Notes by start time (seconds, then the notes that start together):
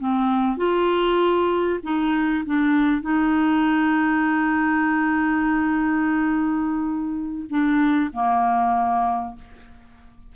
0.00 C4
0.58 F4
1.84 D#4
2.46 D4
3.02 D#4
7.50 D4
8.13 A#3